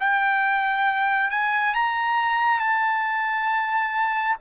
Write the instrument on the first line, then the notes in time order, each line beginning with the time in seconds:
trumpet
0.00 G5
1.30 G#5
1.74 A#5
2.59 A5